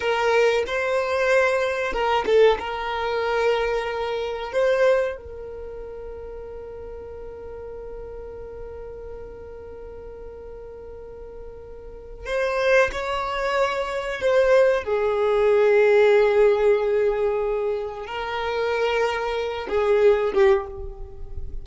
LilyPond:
\new Staff \with { instrumentName = "violin" } { \time 4/4 \tempo 4 = 93 ais'4 c''2 ais'8 a'8 | ais'2. c''4 | ais'1~ | ais'1~ |
ais'2. c''4 | cis''2 c''4 gis'4~ | gis'1 | ais'2~ ais'8 gis'4 g'8 | }